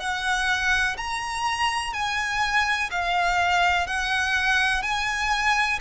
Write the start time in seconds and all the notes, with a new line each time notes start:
0.00 F#5
0.98 A#5
1.94 G#5
2.91 F5
3.87 F#5
4.83 G#5